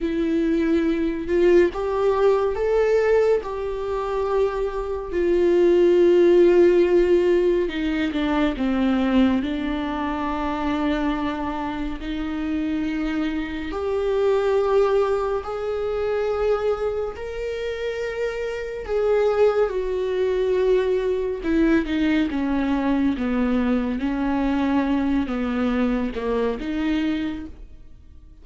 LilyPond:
\new Staff \with { instrumentName = "viola" } { \time 4/4 \tempo 4 = 70 e'4. f'8 g'4 a'4 | g'2 f'2~ | f'4 dis'8 d'8 c'4 d'4~ | d'2 dis'2 |
g'2 gis'2 | ais'2 gis'4 fis'4~ | fis'4 e'8 dis'8 cis'4 b4 | cis'4. b4 ais8 dis'4 | }